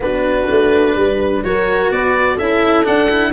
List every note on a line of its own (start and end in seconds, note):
0.00 0.48 B3
0.00 1.44 D4
0.00 0.95 F#4
0.00 1.44 B4
0.50 0.95 A3
0.95 1.43 G3
0.95 1.43 B4
1.44 1.91 F#3
1.44 2.39 F#4
1.44 1.93 A#4
1.44 1.91 C#5
1.91 2.37 B3
1.91 2.35 B4
1.91 2.37 D5
2.35 2.85 C#4
2.35 2.84 E4
2.35 3.30 A4
2.35 2.85 E5
2.84 3.08 D4
2.84 3.32 D4
2.84 3.32 F#5
3.09 3.32 E4